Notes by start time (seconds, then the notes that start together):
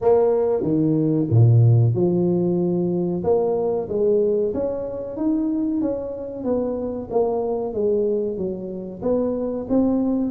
0.01 A#3
0.62 D#3
1.30 A#2
1.94 F3
3.23 A#3
3.89 G#3
4.53 C#4
5.16 D#4
5.81 C#4
6.43 B3
7.10 A#3
7.73 G#3
8.37 F#3
9.02 B3
9.69 C4